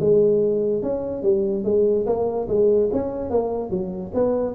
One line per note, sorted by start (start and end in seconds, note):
0.00 0.83 G#3
0.83 1.23 C#4
1.23 1.64 G3
1.64 2.06 G#3
2.06 2.48 A#3
2.48 2.90 G#3
2.93 3.30 C#4
3.30 3.70 A#3
3.70 4.12 F#3
4.14 4.55 B3